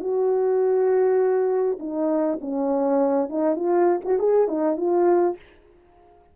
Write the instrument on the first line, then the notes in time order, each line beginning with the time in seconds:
horn
0.00 F#4
1.79 D#4
2.41 C#4
3.29 D#4
3.56 F4
4.05 F#4
4.19 G#4
4.47 D#4
4.77 F4